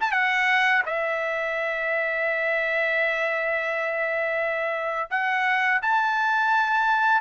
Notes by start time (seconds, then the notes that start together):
0.00 A5
0.12 F#5
0.86 E5
5.10 F#5
5.82 A5